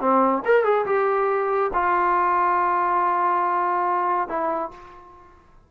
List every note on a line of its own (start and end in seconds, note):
0.00 0.43 C4
0.45 0.64 A#4
0.64 0.85 G#4
0.86 1.71 G4
1.73 4.28 F4
4.28 4.71 E4